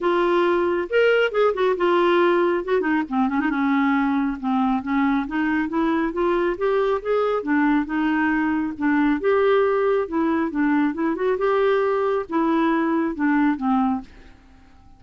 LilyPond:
\new Staff \with { instrumentName = "clarinet" } { \time 4/4 \tempo 4 = 137 f'2 ais'4 gis'8 fis'8 | f'2 fis'8 dis'8 c'8 cis'16 dis'16 | cis'2 c'4 cis'4 | dis'4 e'4 f'4 g'4 |
gis'4 d'4 dis'2 | d'4 g'2 e'4 | d'4 e'8 fis'8 g'2 | e'2 d'4 c'4 | }